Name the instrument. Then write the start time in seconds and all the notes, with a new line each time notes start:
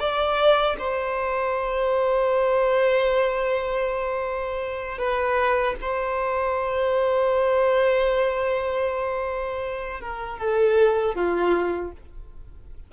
violin
0.00 D5
0.79 C5
4.99 B4
5.81 C5
10.01 A#4
10.39 A4
11.15 F4